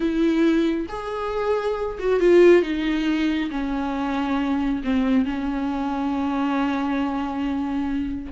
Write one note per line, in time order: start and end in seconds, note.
0.00 0.86 E4
0.89 1.98 G#4
1.99 2.19 F#4
2.19 2.62 F4
2.62 3.50 D#4
3.50 4.82 C#4
4.84 5.25 C4
5.25 8.32 C#4